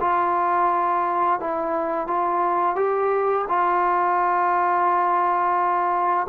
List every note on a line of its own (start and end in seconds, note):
0.00 1.40 F4
1.40 2.07 E4
2.07 2.75 F4
2.75 3.45 G4
3.48 6.27 F4